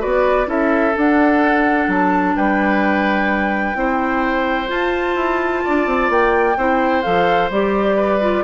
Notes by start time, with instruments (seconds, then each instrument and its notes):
0.00 bassoon B3, clarinet F#4, oboe B4, flute D5
0.46 bassoon C#4, clarinet E4, oboe A4, flute E5
0.95 clarinet D4, bassoon D4, flute F#5
1.88 bassoon F#3, flute A5
2.37 bassoon G3, oboe B4, flute G5
3.75 bassoon C4, clarinet E4, oboe C5
4.68 clarinet F4, bassoon F4, flute A5
5.16 bassoon E4
5.64 bassoon D4, oboe D5
5.87 bassoon C4
6.10 bassoon A#3, flute G5
6.57 bassoon C4, clarinet E4, oboe C5
7.03 bassoon F3, clarinet A4, flute F5
7.50 bassoon G3, clarinet G4, flute D5
7.97 oboe B4
8.22 clarinet F4